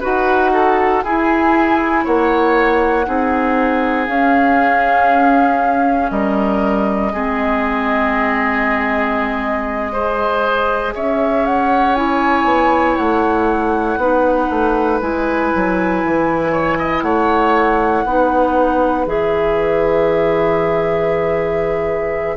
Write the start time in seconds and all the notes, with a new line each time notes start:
0.00 D#4 F#4 B4 F#5
0.53 A4
1.03 E4 G#4 G#5
2.04 A#3 C#5 F#5
3.05 C4 D#4 G#4
4.07 C#4 F5
6.10 G3 A#4 D#5
7.12 G#3 C4 G#4
9.92 G#4 C5
10.94 C#4 C#5 E5
11.46 F#5
11.95 E4 G#5
12.44 B3
12.96 A3 F#5
13.97 B3 D#4 B4
14.50 A3
15.01 G#3 E4 G#5
15.55 F#3
16.04 E3
16.52 C#5
16.78 D#5
17.02 A3 C#5 F#5
18.05 B3 D#4 B4
19.06 E3 G#4 E5